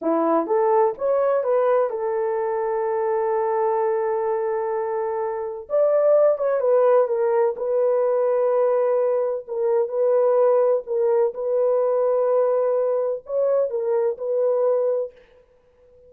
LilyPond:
\new Staff \with { instrumentName = "horn" } { \time 4/4 \tempo 4 = 127 e'4 a'4 cis''4 b'4 | a'1~ | a'1 | d''4. cis''8 b'4 ais'4 |
b'1 | ais'4 b'2 ais'4 | b'1 | cis''4 ais'4 b'2 | }